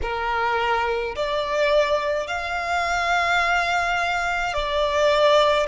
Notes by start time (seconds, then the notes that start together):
0.02 A#4
1.15 D5
2.27 F5
4.53 D5